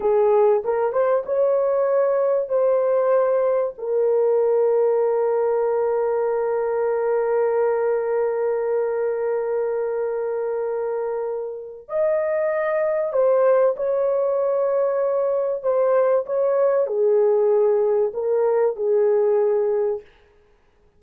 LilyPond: \new Staff \with { instrumentName = "horn" } { \time 4/4 \tempo 4 = 96 gis'4 ais'8 c''8 cis''2 | c''2 ais'2~ | ais'1~ | ais'1~ |
ais'2. dis''4~ | dis''4 c''4 cis''2~ | cis''4 c''4 cis''4 gis'4~ | gis'4 ais'4 gis'2 | }